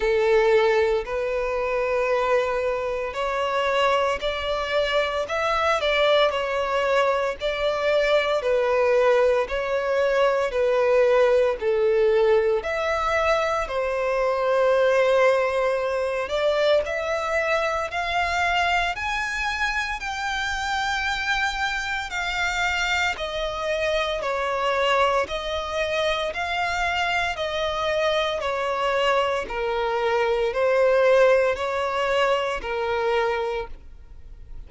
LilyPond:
\new Staff \with { instrumentName = "violin" } { \time 4/4 \tempo 4 = 57 a'4 b'2 cis''4 | d''4 e''8 d''8 cis''4 d''4 | b'4 cis''4 b'4 a'4 | e''4 c''2~ c''8 d''8 |
e''4 f''4 gis''4 g''4~ | g''4 f''4 dis''4 cis''4 | dis''4 f''4 dis''4 cis''4 | ais'4 c''4 cis''4 ais'4 | }